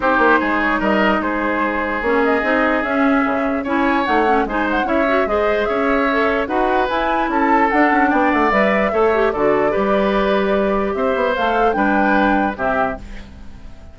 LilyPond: <<
  \new Staff \with { instrumentName = "flute" } { \time 4/4 \tempo 4 = 148 c''4. cis''8 dis''4 c''4~ | c''4 cis''8 dis''4. e''4~ | e''4 gis''4 fis''4 gis''8 fis''8 | e''4 dis''4 e''2 |
fis''4 gis''4 a''4 fis''4 | g''8 fis''8 e''2 d''4~ | d''2. e''4 | f''4 g''2 e''4 | }
  \new Staff \with { instrumentName = "oboe" } { \time 4/4 g'4 gis'4 ais'4 gis'4~ | gis'1~ | gis'4 cis''2 c''4 | cis''4 c''4 cis''2 |
b'2 a'2 | d''2 cis''4 a'4 | b'2. c''4~ | c''4 b'2 g'4 | }
  \new Staff \with { instrumentName = "clarinet" } { \time 4/4 dis'1~ | dis'4 cis'4 dis'4 cis'4~ | cis'4 e'4 dis'8 cis'8 dis'4 | e'8 fis'8 gis'2 a'4 |
fis'4 e'2 d'4~ | d'4 b'4 a'8 g'8 fis'4 | g'1 | a'4 d'2 c'4 | }
  \new Staff \with { instrumentName = "bassoon" } { \time 4/4 c'8 ais8 gis4 g4 gis4~ | gis4 ais4 c'4 cis'4 | cis4 cis'4 a4 gis4 | cis'4 gis4 cis'2 |
dis'4 e'4 cis'4 d'8 cis'8 | b8 a8 g4 a4 d4 | g2. c'8 b8 | a4 g2 c4 | }
>>